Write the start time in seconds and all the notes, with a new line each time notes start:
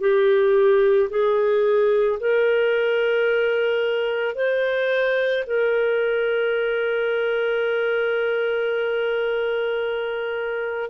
0.00 G4
1.10 G#4
2.20 A#4
4.35 C5
5.46 A#4